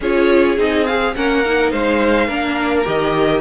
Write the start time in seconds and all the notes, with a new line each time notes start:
0.00 C#4 F4 G#4 C#5
0.57 C4 D#4 D#5
0.86 G#4 F5
1.15 A#3 C#4 A#4 F#5
1.45 D#4
1.71 G#3 C5 F5
2.27 A#3 D4 A#4
2.85 D#3 G4 D#5